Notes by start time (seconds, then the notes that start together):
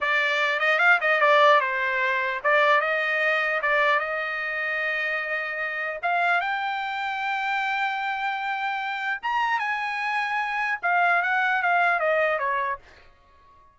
0.00 D5
0.59 D#5
0.78 F5
1.01 D#5
1.20 D5
1.60 C5
2.43 D5
2.80 D#5
3.62 D5
3.99 D#5
6.02 F5
6.40 G5
9.22 A#5
9.59 G#5
10.82 F5
11.22 F#5
11.62 F5
11.99 D#5
12.38 C#5